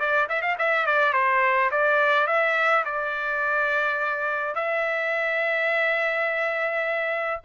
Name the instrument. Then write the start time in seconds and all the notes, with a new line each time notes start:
trumpet
0.00 D5
0.29 E5
0.42 F5
0.59 E5
0.87 D5
1.14 C5
1.71 D5
2.28 E5
2.86 D5
4.55 E5